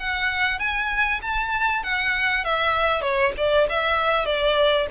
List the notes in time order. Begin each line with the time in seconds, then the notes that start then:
0.00 F#5
0.60 G#5
1.22 A5
1.83 F#5
2.44 E5
3.02 C#5
3.37 D5
3.69 E5
4.26 D5